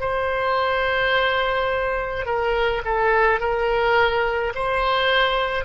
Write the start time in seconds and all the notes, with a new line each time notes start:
0.00 C5
2.25 A#4
2.85 A4
3.40 A#4
4.55 C5